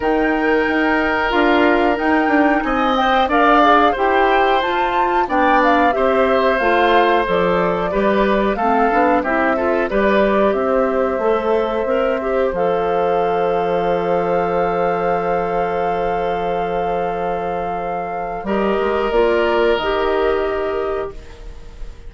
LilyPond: <<
  \new Staff \with { instrumentName = "flute" } { \time 4/4 \tempo 4 = 91 g''2 f''4 g''4 | gis''8 g''8 f''4 g''4 a''4 | g''8 f''8 e''4 f''4 d''4~ | d''4 f''4 e''4 d''4 |
e''2. f''4~ | f''1~ | f''1 | dis''4 d''4 dis''2 | }
  \new Staff \with { instrumentName = "oboe" } { \time 4/4 ais'1 | dis''4 d''4 c''2 | d''4 c''2. | b'4 a'4 g'8 a'8 b'4 |
c''1~ | c''1~ | c''1 | ais'1 | }
  \new Staff \with { instrumentName = "clarinet" } { \time 4/4 dis'2 f'4 dis'4~ | dis'8 c''8 ais'8 gis'8 g'4 f'4 | d'4 g'4 f'4 a'4 | g'4 c'8 d'8 e'8 f'8 g'4~ |
g'4 a'4 ais'8 g'8 a'4~ | a'1~ | a'1 | g'4 f'4 g'2 | }
  \new Staff \with { instrumentName = "bassoon" } { \time 4/4 dis4 dis'4 d'4 dis'8 d'8 | c'4 d'4 e'4 f'4 | b4 c'4 a4 f4 | g4 a8 b8 c'4 g4 |
c'4 a4 c'4 f4~ | f1~ | f1 | g8 gis8 ais4 dis2 | }
>>